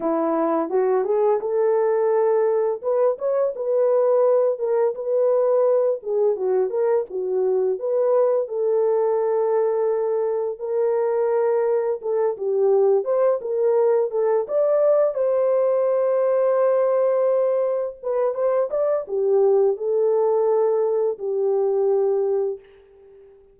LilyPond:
\new Staff \with { instrumentName = "horn" } { \time 4/4 \tempo 4 = 85 e'4 fis'8 gis'8 a'2 | b'8 cis''8 b'4. ais'8 b'4~ | b'8 gis'8 fis'8 ais'8 fis'4 b'4 | a'2. ais'4~ |
ais'4 a'8 g'4 c''8 ais'4 | a'8 d''4 c''2~ c''8~ | c''4. b'8 c''8 d''8 g'4 | a'2 g'2 | }